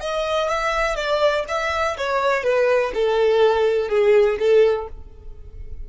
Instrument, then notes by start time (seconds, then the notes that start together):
violin
0.00 D#5
0.49 E5
0.96 D5
1.48 E5
1.97 C#5
2.43 B4
2.94 A4
3.88 G#4
4.39 A4